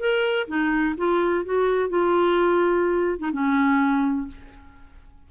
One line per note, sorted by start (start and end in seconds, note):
0.00 0.48 A#4
0.48 0.95 D#4
0.98 1.45 F4
1.45 1.89 F#4
1.89 3.19 F4
3.19 3.31 D#4
3.33 4.28 C#4